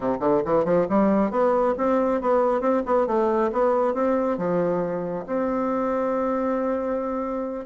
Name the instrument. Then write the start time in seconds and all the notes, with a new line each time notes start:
bassoon
0.00 C3
0.20 D3
0.45 E3
0.65 F3
0.89 G3
1.30 B3
1.77 C4
2.21 B3
2.60 C4
2.85 B3
3.07 A3
3.52 B3
3.94 C4
4.37 F3
5.26 C4